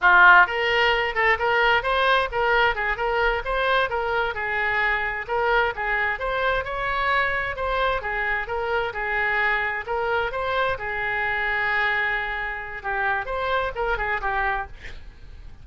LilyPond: \new Staff \with { instrumentName = "oboe" } { \time 4/4 \tempo 4 = 131 f'4 ais'4. a'8 ais'4 | c''4 ais'4 gis'8 ais'4 c''8~ | c''8 ais'4 gis'2 ais'8~ | ais'8 gis'4 c''4 cis''4.~ |
cis''8 c''4 gis'4 ais'4 gis'8~ | gis'4. ais'4 c''4 gis'8~ | gis'1 | g'4 c''4 ais'8 gis'8 g'4 | }